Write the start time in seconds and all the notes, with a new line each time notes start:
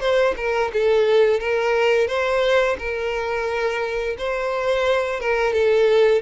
0.00 C5
0.37 A#4
0.73 A4
1.39 A#4
2.08 C5
2.79 A#4
4.18 C5
5.20 A#4
5.53 A4